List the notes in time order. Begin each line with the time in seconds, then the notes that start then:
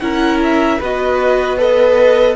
0.00 C#4 E4 A#4 F#5
0.43 E5
0.79 B3 F#4 B4 D#5
1.58 A4 B4 D#5